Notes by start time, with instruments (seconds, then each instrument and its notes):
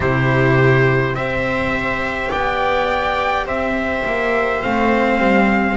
0.00 double bass C3, cello E4, viola G4, trumpet C5
1.14 double bass C4, cello G4, viola C5, trumpet E5
2.29 double bass B3, viola D5, trumpet G5
3.45 double bass C4, viola C5, trumpet E5
4.05 double bass A#3
4.62 double bass A3, cello C4, trumpet F5
5.18 double bass G3